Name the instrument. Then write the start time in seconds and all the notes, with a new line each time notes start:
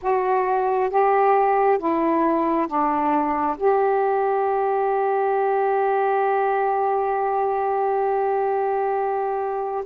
saxophone
0.02 F#4
0.90 G4
1.78 E4
2.67 D4
3.57 G4